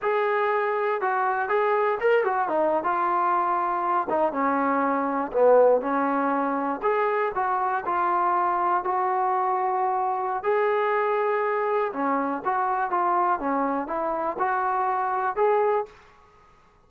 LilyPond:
\new Staff \with { instrumentName = "trombone" } { \time 4/4 \tempo 4 = 121 gis'2 fis'4 gis'4 | ais'8 fis'8 dis'8. f'2~ f'16~ | f'16 dis'8 cis'2 b4 cis'16~ | cis'4.~ cis'16 gis'4 fis'4 f'16~ |
f'4.~ f'16 fis'2~ fis'16~ | fis'4 gis'2. | cis'4 fis'4 f'4 cis'4 | e'4 fis'2 gis'4 | }